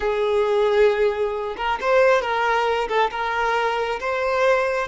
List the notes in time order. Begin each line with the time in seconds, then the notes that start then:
0.00 G#4
1.57 A#4
1.80 C5
2.21 A#4
2.88 A4
3.11 A#4
3.99 C5